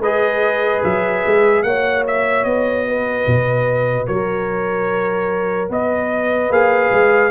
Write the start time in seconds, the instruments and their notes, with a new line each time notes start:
0.00 tuba G#3, trombone G#4, horn B4, trumpet D#5
0.84 tuba F#3, trumpet E5
1.26 tuba G#3
1.63 tuba A#3, trombone F#4, horn C#5, trumpet F#5
2.08 trumpet E5
2.44 tuba B3, trumpet D#5
2.88 horn B4
3.27 tuba B2
4.07 tuba F#3, horn A#4, trumpet C#5
5.70 tuba B3, horn B4, trumpet D#5
6.50 tuba A#3, trombone G#4, trumpet F5
6.92 tuba G#3